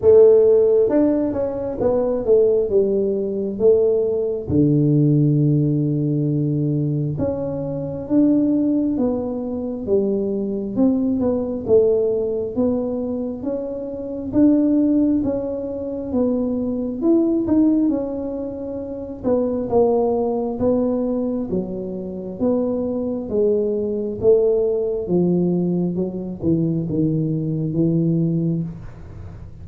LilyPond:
\new Staff \with { instrumentName = "tuba" } { \time 4/4 \tempo 4 = 67 a4 d'8 cis'8 b8 a8 g4 | a4 d2. | cis'4 d'4 b4 g4 | c'8 b8 a4 b4 cis'4 |
d'4 cis'4 b4 e'8 dis'8 | cis'4. b8 ais4 b4 | fis4 b4 gis4 a4 | f4 fis8 e8 dis4 e4 | }